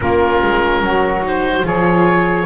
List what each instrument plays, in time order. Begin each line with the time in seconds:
0.00 double bass A#3, viola C#4, saxophone F4, oboe A#4
0.42 double bass G#3
0.80 double bass F#3, saxophone F#4
1.22 viola D#4, oboe C5
1.63 double bass F3, viola F4, saxophone G#4, oboe C#5